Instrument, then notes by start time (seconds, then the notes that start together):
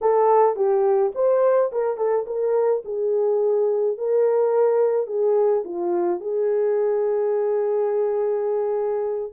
horn
0.01 A4
0.55 G4
1.14 C5
1.72 A#4
1.97 A4
2.26 A#4
2.84 G#4
3.97 A#4
5.07 G#4
5.64 F4
6.20 G#4